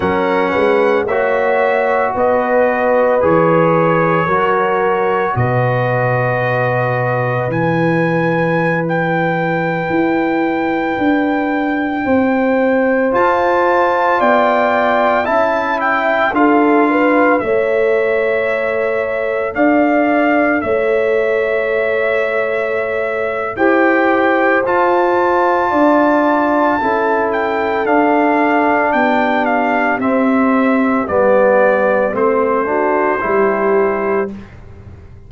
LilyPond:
<<
  \new Staff \with { instrumentName = "trumpet" } { \time 4/4 \tempo 4 = 56 fis''4 e''4 dis''4 cis''4~ | cis''4 dis''2 gis''4~ | gis''16 g''2.~ g''8.~ | g''16 a''4 g''4 a''8 g''8 f''8.~ |
f''16 e''2 f''4 e''8.~ | e''2 g''4 a''4~ | a''4. g''8 f''4 g''8 f''8 | e''4 d''4 c''2 | }
  \new Staff \with { instrumentName = "horn" } { \time 4/4 ais'8 b'8 cis''4 b'2 | ais'4 b'2.~ | b'2.~ b'16 c''8.~ | c''4~ c''16 d''4 e''4 a'8 b'16~ |
b'16 cis''2 d''4 cis''8.~ | cis''2 c''2 | d''4 a'2 g'4~ | g'2~ g'8 fis'8 g'4 | }
  \new Staff \with { instrumentName = "trombone" } { \time 4/4 cis'4 fis'2 gis'4 | fis'2. e'4~ | e'1~ | e'16 f'2 e'4 f'8.~ |
f'16 a'2.~ a'8.~ | a'2 g'4 f'4~ | f'4 e'4 d'2 | c'4 b4 c'8 d'8 e'4 | }
  \new Staff \with { instrumentName = "tuba" } { \time 4/4 fis8 gis8 ais4 b4 e4 | fis4 b,2 e4~ | e4~ e16 e'4 d'4 c'8.~ | c'16 f'4 b4 cis'4 d'8.~ |
d'16 a2 d'4 a8.~ | a2 e'4 f'4 | d'4 cis'4 d'4 b4 | c'4 g4 a4 g4 | }
>>